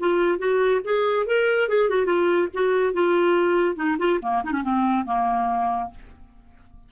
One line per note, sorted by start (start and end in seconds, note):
0.00 0.39 F4
0.39 0.81 F#4
0.84 1.26 G#4
1.26 1.69 A#4
1.69 1.89 G#4
1.89 2.06 F#4
2.06 2.48 F4
2.54 2.94 F#4
2.94 3.76 F4
3.76 3.97 D#4
3.99 4.20 F4
4.22 4.43 A#3
4.44 4.52 D#4
4.52 4.63 C#4
4.64 5.06 C4
5.06 5.91 A#3